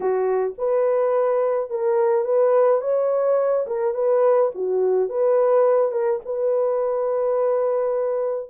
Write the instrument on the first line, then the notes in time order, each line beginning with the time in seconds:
horn
0.00 F#4
0.57 B4
1.70 A#4
2.25 B4
2.81 C#5
3.66 A#4
3.94 B4
4.54 F#4
5.09 B4
5.91 A#4
6.25 B4